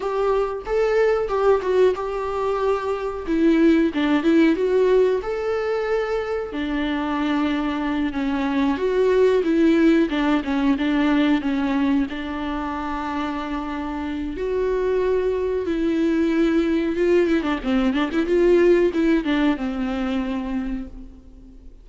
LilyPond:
\new Staff \with { instrumentName = "viola" } { \time 4/4 \tempo 4 = 92 g'4 a'4 g'8 fis'8 g'4~ | g'4 e'4 d'8 e'8 fis'4 | a'2 d'2~ | d'8 cis'4 fis'4 e'4 d'8 |
cis'8 d'4 cis'4 d'4.~ | d'2 fis'2 | e'2 f'8 e'16 d'16 c'8 d'16 e'16 | f'4 e'8 d'8 c'2 | }